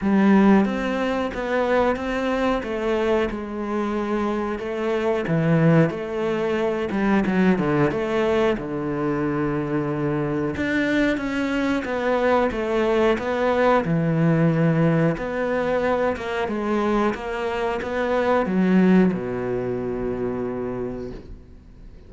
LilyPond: \new Staff \with { instrumentName = "cello" } { \time 4/4 \tempo 4 = 91 g4 c'4 b4 c'4 | a4 gis2 a4 | e4 a4. g8 fis8 d8 | a4 d2. |
d'4 cis'4 b4 a4 | b4 e2 b4~ | b8 ais8 gis4 ais4 b4 | fis4 b,2. | }